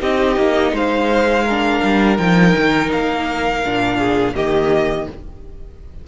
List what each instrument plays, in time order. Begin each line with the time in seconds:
0.00 cello C4, viola D#4, violin G4 D#5
0.37 cello A#3
0.72 cello G#3, violin C5 F5
1.44 viola D4, violin A#4
1.83 cello G3
2.17 cello F3, viola D#4, violin G5
2.55 cello D#3
2.92 cello A#3, violin F5
3.65 cello A#2, viola D4
3.98 violin G#4
4.34 cello D#3, viola A#3, violin G4 D#5